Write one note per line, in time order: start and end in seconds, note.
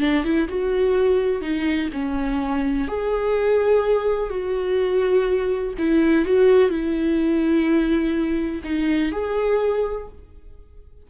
0.00 0.24 D4
0.24 0.48 E4
0.48 1.41 F#4
1.41 1.89 D#4
1.93 2.88 C#4
2.88 4.30 G#4
4.30 5.74 F#4
5.78 6.25 E4
6.25 6.70 F#4
6.70 8.62 E4
8.64 9.12 D#4
9.12 10.08 G#4